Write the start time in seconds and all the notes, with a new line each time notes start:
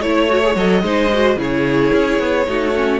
0.00 A3 E4 C#5
0.29 F#4
0.43 G#4
0.56 F#3 A4 D#5
0.82 G#3 D#4 C5
1.13 F#4
1.36 C#3 E4 G#4 C#5
1.93 C#4
2.19 B3
2.46 A3 D#4 F#4
2.75 C#4